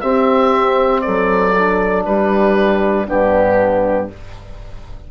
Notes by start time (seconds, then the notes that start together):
0.00 C4 G4 E5
1.01 F#3 A4 D5
1.54 D4
2.05 G3 G4 B4
3.06 G2 B3 D4 G4